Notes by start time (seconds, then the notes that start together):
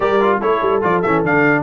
0.00 G3 G4 A#4 D5
0.21 F4
0.41 A3 E4 A4 C#5
0.61 G3
0.81 F3 F4 D5
1.02 E3 C#4 E5
1.24 D3 D4 F5